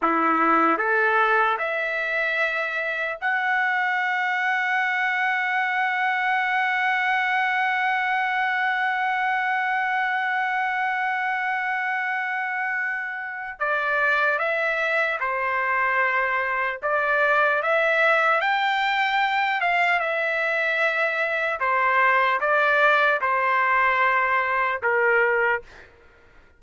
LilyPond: \new Staff \with { instrumentName = "trumpet" } { \time 4/4 \tempo 4 = 75 e'4 a'4 e''2 | fis''1~ | fis''1~ | fis''1~ |
fis''4 d''4 e''4 c''4~ | c''4 d''4 e''4 g''4~ | g''8 f''8 e''2 c''4 | d''4 c''2 ais'4 | }